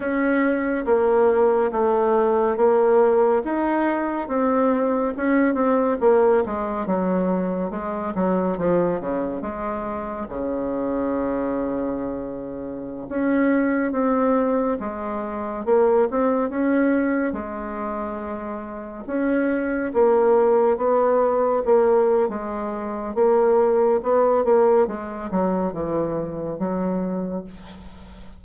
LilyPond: \new Staff \with { instrumentName = "bassoon" } { \time 4/4 \tempo 4 = 70 cis'4 ais4 a4 ais4 | dis'4 c'4 cis'8 c'8 ais8 gis8 | fis4 gis8 fis8 f8 cis8 gis4 | cis2.~ cis16 cis'8.~ |
cis'16 c'4 gis4 ais8 c'8 cis'8.~ | cis'16 gis2 cis'4 ais8.~ | ais16 b4 ais8. gis4 ais4 | b8 ais8 gis8 fis8 e4 fis4 | }